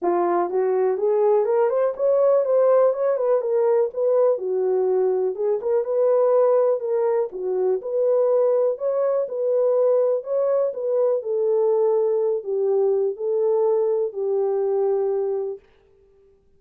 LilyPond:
\new Staff \with { instrumentName = "horn" } { \time 4/4 \tempo 4 = 123 f'4 fis'4 gis'4 ais'8 c''8 | cis''4 c''4 cis''8 b'8 ais'4 | b'4 fis'2 gis'8 ais'8 | b'2 ais'4 fis'4 |
b'2 cis''4 b'4~ | b'4 cis''4 b'4 a'4~ | a'4. g'4. a'4~ | a'4 g'2. | }